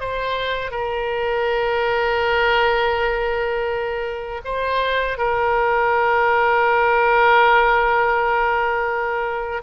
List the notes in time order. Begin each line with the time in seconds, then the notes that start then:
0.00 C5
0.71 A#4
4.44 C5
5.17 A#4